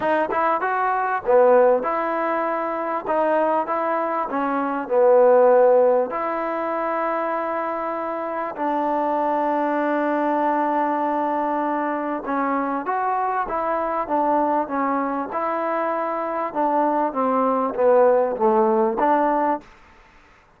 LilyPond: \new Staff \with { instrumentName = "trombone" } { \time 4/4 \tempo 4 = 98 dis'8 e'8 fis'4 b4 e'4~ | e'4 dis'4 e'4 cis'4 | b2 e'2~ | e'2 d'2~ |
d'1 | cis'4 fis'4 e'4 d'4 | cis'4 e'2 d'4 | c'4 b4 a4 d'4 | }